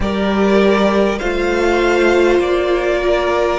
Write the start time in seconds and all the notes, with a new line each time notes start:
0.00 G3 G4 A#4 D5
1.18 A3 F4 C5 F5
2.39 A#3 D5
3.02 A#4